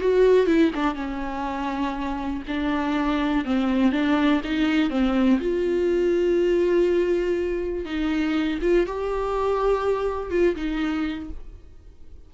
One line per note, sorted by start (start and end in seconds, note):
0.00 0.46 F#4
0.46 0.71 E4
0.74 0.95 D4
0.95 2.42 C#4
2.47 3.44 D4
3.44 3.92 C4
3.92 4.41 D4
4.44 4.90 D#4
4.90 5.39 C4
5.40 7.85 F4
7.85 8.59 D#4
8.61 8.86 F4
8.86 10.30 G4
10.30 10.55 F4
10.55 11.29 D#4